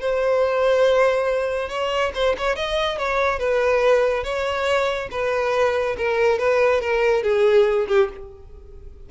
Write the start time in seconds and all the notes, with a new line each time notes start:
0.00 C5
1.69 C#5
2.14 C5
2.37 C#5
2.56 D#5
2.98 C#5
3.39 B4
4.24 C#5
5.11 B4
5.97 A#4
6.38 B4
6.81 A#4
7.23 G#4
7.88 G4